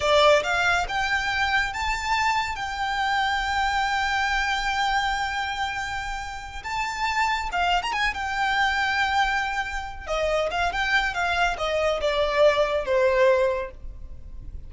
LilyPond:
\new Staff \with { instrumentName = "violin" } { \time 4/4 \tempo 4 = 140 d''4 f''4 g''2 | a''2 g''2~ | g''1~ | g''2.~ g''8 a''8~ |
a''4. f''8. ais''16 gis''8 g''4~ | g''2.~ g''8 dis''8~ | dis''8 f''8 g''4 f''4 dis''4 | d''2 c''2 | }